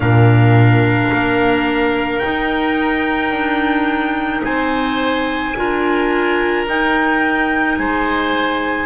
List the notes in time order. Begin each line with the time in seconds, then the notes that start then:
0.00 A#2 D4 A#4 F5
1.12 A#3
2.18 D#4 G5
3.31 D4
4.44 C4 C5 G#5
5.56 D4 F4 A#4
6.66 D#4 G5
7.77 G#3 C5 G#5